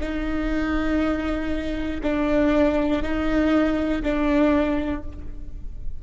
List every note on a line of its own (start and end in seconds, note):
0.00 2.00 D#4
2.02 3.02 D4
3.02 4.02 D#4
4.02 5.02 D4